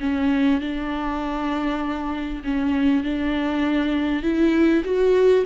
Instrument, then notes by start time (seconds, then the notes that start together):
viola
0.00 C#4
0.61 D4
2.44 C#4
3.04 D4
4.23 E4
4.85 F#4